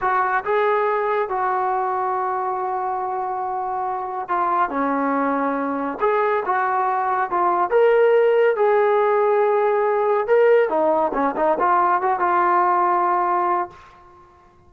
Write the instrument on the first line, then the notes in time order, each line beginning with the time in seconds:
trombone
0.01 F#4
0.44 G#4
1.29 F#4
4.28 F4
4.69 C#4
6.00 G#4
6.45 F#4
7.30 F4
7.70 A#4
8.55 G#4
10.27 A#4
10.69 D#4
11.13 C#4
11.36 D#4
11.59 F4
12.01 F#4
12.19 F4